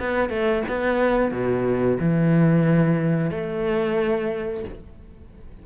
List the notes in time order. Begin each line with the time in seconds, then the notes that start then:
0.00 B3
0.30 A3
0.68 B3
1.32 B2
2.00 E3
3.31 A3